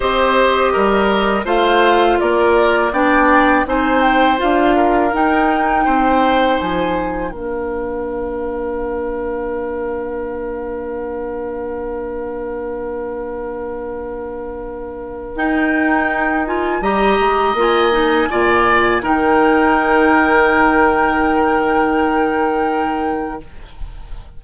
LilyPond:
<<
  \new Staff \with { instrumentName = "flute" } { \time 4/4 \tempo 4 = 82 dis''2 f''4 d''4 | g''4 gis''8 g''8 f''4 g''4~ | g''4 gis''4 f''2~ | f''1~ |
f''1~ | f''4 g''4. gis''8 ais''4 | gis''2 g''2~ | g''1 | }
  \new Staff \with { instrumentName = "oboe" } { \time 4/4 c''4 ais'4 c''4 ais'4 | d''4 c''4. ais'4. | c''2 ais'2~ | ais'1~ |
ais'1~ | ais'2. dis''4~ | dis''4 d''4 ais'2~ | ais'1 | }
  \new Staff \with { instrumentName = "clarinet" } { \time 4/4 g'2 f'2 | d'4 dis'4 f'4 dis'4~ | dis'2 d'2~ | d'1~ |
d'1~ | d'4 dis'4. f'8 g'4 | f'8 dis'8 f'4 dis'2~ | dis'1 | }
  \new Staff \with { instrumentName = "bassoon" } { \time 4/4 c'4 g4 a4 ais4 | b4 c'4 d'4 dis'4 | c'4 f4 ais2~ | ais1~ |
ais1~ | ais4 dis'2 g8 gis8 | ais4 ais,4 dis2~ | dis1 | }
>>